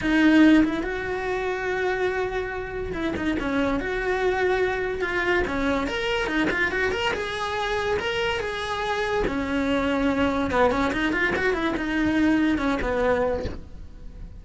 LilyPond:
\new Staff \with { instrumentName = "cello" } { \time 4/4 \tempo 4 = 143 dis'4. e'8 fis'2~ | fis'2. e'8 dis'8 | cis'4 fis'2. | f'4 cis'4 ais'4 dis'8 f'8 |
fis'8 ais'8 gis'2 ais'4 | gis'2 cis'2~ | cis'4 b8 cis'8 dis'8 f'8 fis'8 e'8 | dis'2 cis'8 b4. | }